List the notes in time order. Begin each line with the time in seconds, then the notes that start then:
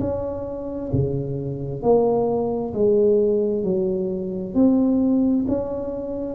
0.00 C#4
0.93 C#3
1.83 A#3
2.74 G#3
3.64 F#3
4.55 C4
5.48 C#4